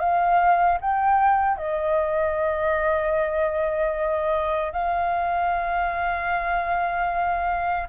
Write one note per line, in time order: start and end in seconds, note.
0.00 0.79 F5
0.81 1.58 G5
1.58 4.73 D#5
4.73 7.88 F5